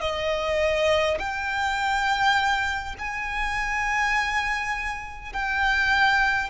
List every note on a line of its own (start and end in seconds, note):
0.00 1.18 D#5
1.19 2.95 G5
2.98 5.33 G#5
5.33 6.49 G5